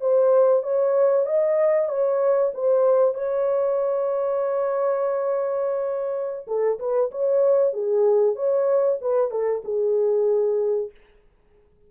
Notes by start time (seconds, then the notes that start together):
0.00 C5
0.63 C#5
1.26 D#5
1.89 C#5
2.54 C5
3.14 C#5
6.47 A4
6.79 B4
7.11 C#5
7.73 G#4
8.35 C#5
9.01 B4
9.30 A4
9.64 G#4